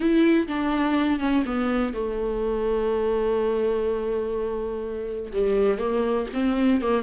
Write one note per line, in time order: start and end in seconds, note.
0.00 0.47 E4
0.47 1.19 D4
1.19 1.43 C#4
1.45 1.93 B3
1.93 5.32 A3
5.32 5.78 G3
5.78 6.26 A#3
6.33 6.81 C4
6.81 7.02 A#3